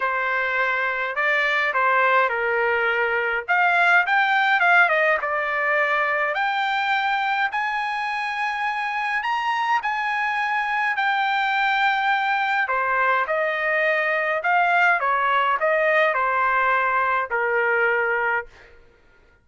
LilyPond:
\new Staff \with { instrumentName = "trumpet" } { \time 4/4 \tempo 4 = 104 c''2 d''4 c''4 | ais'2 f''4 g''4 | f''8 dis''8 d''2 g''4~ | g''4 gis''2. |
ais''4 gis''2 g''4~ | g''2 c''4 dis''4~ | dis''4 f''4 cis''4 dis''4 | c''2 ais'2 | }